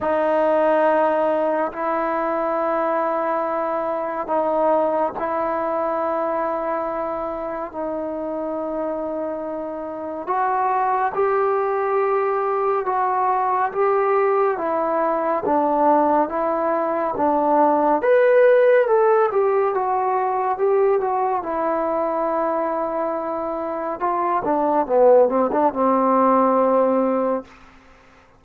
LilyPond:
\new Staff \with { instrumentName = "trombone" } { \time 4/4 \tempo 4 = 70 dis'2 e'2~ | e'4 dis'4 e'2~ | e'4 dis'2. | fis'4 g'2 fis'4 |
g'4 e'4 d'4 e'4 | d'4 b'4 a'8 g'8 fis'4 | g'8 fis'8 e'2. | f'8 d'8 b8 c'16 d'16 c'2 | }